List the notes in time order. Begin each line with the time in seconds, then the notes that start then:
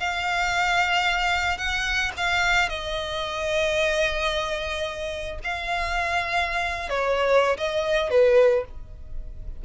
0.00 F5
1.58 F#5
2.17 F5
2.69 D#5
5.44 F5
6.89 C#5
7.57 D#5
8.10 B4